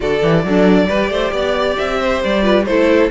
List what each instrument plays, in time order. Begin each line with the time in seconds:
0.00 cello D3, viola F#4, violin A4 D5
0.22 cello E3, viola G4
0.43 cello F#3, violin D4, viola A4
0.87 cello G3, viola G4, violin B4
1.09 cello A3, violin C5
1.32 cello B3, violin D5
1.77 cello C4, violin E5
2.00 violin C5
2.24 cello G3, violin D5
2.42 viola F4, violin B4
2.65 cello A3, viola E4, violin A4 C5